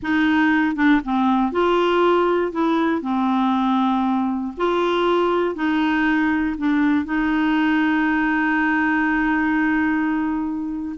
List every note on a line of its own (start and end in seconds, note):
0.02 0.75 D#4
0.75 1.00 D4
1.04 1.51 C4
1.51 2.52 F4
2.52 3.01 E4
3.01 4.53 C4
4.57 5.55 F4
5.55 6.55 D#4
6.57 7.05 D4
7.05 10.96 D#4